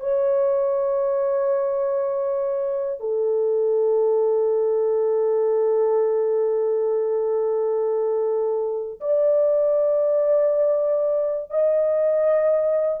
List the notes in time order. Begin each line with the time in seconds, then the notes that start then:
0.00 C#5
3.00 A4
9.00 D5
11.50 D#5